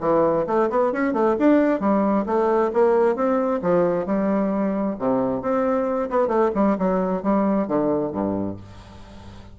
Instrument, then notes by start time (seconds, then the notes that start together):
bassoon
0.00 E3
0.47 A3
0.70 B3
0.92 C#4
1.13 A3
1.38 D4
1.80 G3
2.26 A3
2.73 A#3
3.15 C4
3.62 F3
4.06 G3
4.98 C3
5.42 C4
6.10 B3
6.27 A3
6.55 G3
6.78 F#3
7.23 G3
7.67 D3
8.12 G2